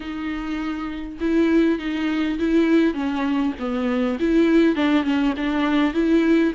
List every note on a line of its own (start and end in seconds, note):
0.00 1.17 D#4
1.20 1.78 E4
1.78 2.38 D#4
2.38 2.94 E4
2.94 3.53 C#4
3.59 4.18 B3
4.19 4.75 E4
4.75 5.03 D4
5.03 5.33 C#4
5.36 5.93 D4
5.93 6.53 E4